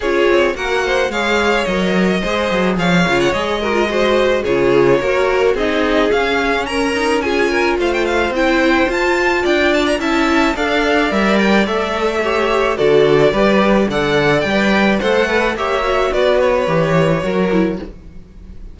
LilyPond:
<<
  \new Staff \with { instrumentName = "violin" } { \time 4/4 \tempo 4 = 108 cis''4 fis''4 f''4 dis''4~ | dis''4 f''8. fis''16 dis''2 | cis''2 dis''4 f''4 | ais''4 gis''4 f''16 g''16 f''8 g''4 |
a''4 g''8 a''16 ais''16 a''4 f''4 | e''8 g''8 e''2 d''4~ | d''4 fis''4 g''4 fis''4 | e''4 d''8 cis''2~ cis''8 | }
  \new Staff \with { instrumentName = "violin" } { \time 4/4 gis'4 ais'8 c''8 cis''2 | c''4 cis''4. ais'8 c''4 | gis'4 ais'4 gis'2 | ais'4 gis'8 ais'8 c''2~ |
c''4 d''4 e''4 d''4~ | d''2 cis''4 a'4 | b'4 d''2 c''8 b'8 | cis''4 b'2 ais'4 | }
  \new Staff \with { instrumentName = "viola" } { \time 4/4 f'4 fis'4 gis'4 ais'4 | gis'4. f'8 gis'8 fis'16 f'16 fis'4 | f'4 fis'4 dis'4 cis'4~ | cis'8 dis'8 f'2 e'4 |
f'2 e'4 a'4 | ais'4 a'4 g'4 fis'4 | g'4 a'4 b'4 a'4 | g'8 fis'4. g'4 fis'8 e'8 | }
  \new Staff \with { instrumentName = "cello" } { \time 4/4 cis'8 c'8 ais4 gis4 fis4 | gis8 fis8 f8 cis8 gis2 | cis4 ais4 c'4 cis'4~ | cis'2 a4 c'4 |
f'4 d'4 cis'4 d'4 | g4 a2 d4 | g4 d4 g4 a4 | ais4 b4 e4 fis4 | }
>>